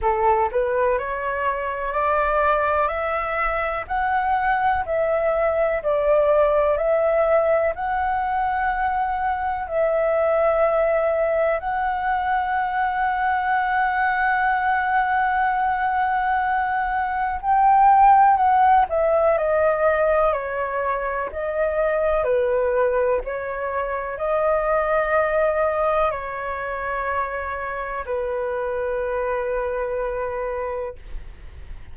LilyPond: \new Staff \with { instrumentName = "flute" } { \time 4/4 \tempo 4 = 62 a'8 b'8 cis''4 d''4 e''4 | fis''4 e''4 d''4 e''4 | fis''2 e''2 | fis''1~ |
fis''2 g''4 fis''8 e''8 | dis''4 cis''4 dis''4 b'4 | cis''4 dis''2 cis''4~ | cis''4 b'2. | }